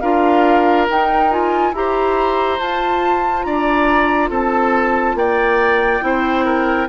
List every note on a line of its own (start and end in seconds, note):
0.00 0.87 D4
0.00 0.88 F4
0.00 1.72 A#4
0.00 0.86 F5
0.89 1.30 D#4
0.89 1.72 D#4
0.89 1.31 G5
1.30 1.73 F4
1.30 1.74 G#5
1.72 2.58 E4
1.72 2.59 G4
1.72 3.46 C5
1.72 2.59 A#5
2.59 6.01 F4
2.59 3.45 F4
2.59 3.43 A5
3.43 4.29 D4
3.43 4.30 D5
3.43 4.28 A#5
4.29 5.15 C4
4.29 5.15 A4
4.29 5.17 A5
5.15 6.00 A#3
5.15 6.04 D5
5.15 6.89 G5
6.01 6.88 C4
6.01 6.87 E4
6.01 6.45 C5
6.45 6.88 A#4